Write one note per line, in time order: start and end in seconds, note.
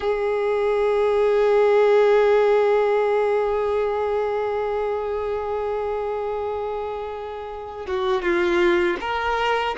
0.00 7.86 G#4
7.86 8.22 F#4
8.22 8.97 F4
9.00 9.75 A#4